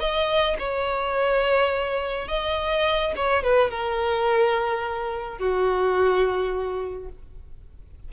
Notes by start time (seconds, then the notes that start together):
0.00 D#5
0.59 C#5
2.28 D#5
3.16 C#5
3.43 B4
3.70 A#4
5.39 F#4